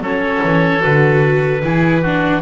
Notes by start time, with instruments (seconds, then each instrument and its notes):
0.00 double bass F#3, viola C#4, oboe A4, clarinet C#5
0.44 double bass E3
0.81 double bass D3, viola F#4, clarinet B4
1.64 double bass E3, viola E4, oboe G#4
2.02 viola D4, oboe F#4